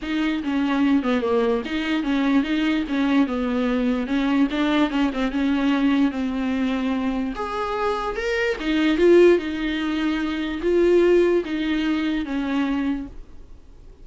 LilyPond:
\new Staff \with { instrumentName = "viola" } { \time 4/4 \tempo 4 = 147 dis'4 cis'4. b8 ais4 | dis'4 cis'4 dis'4 cis'4 | b2 cis'4 d'4 | cis'8 c'8 cis'2 c'4~ |
c'2 gis'2 | ais'4 dis'4 f'4 dis'4~ | dis'2 f'2 | dis'2 cis'2 | }